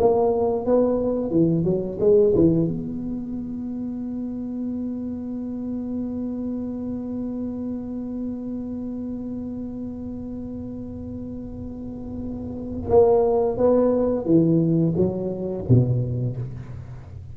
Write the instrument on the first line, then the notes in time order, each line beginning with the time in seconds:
tuba
0.00 A#3
0.66 B3
1.31 E3
1.65 F#3
2.01 G#3
2.36 E3
2.68 B3
12.90 A#3
13.58 B3
14.26 E3
14.97 F#3
15.69 B2